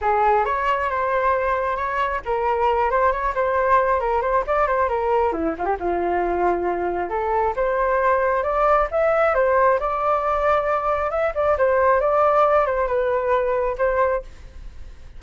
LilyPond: \new Staff \with { instrumentName = "flute" } { \time 4/4 \tempo 4 = 135 gis'4 cis''4 c''2 | cis''4 ais'4. c''8 cis''8 c''8~ | c''4 ais'8 c''8 d''8 c''8 ais'4 | e'8 f'16 g'16 f'2. |
a'4 c''2 d''4 | e''4 c''4 d''2~ | d''4 e''8 d''8 c''4 d''4~ | d''8 c''8 b'2 c''4 | }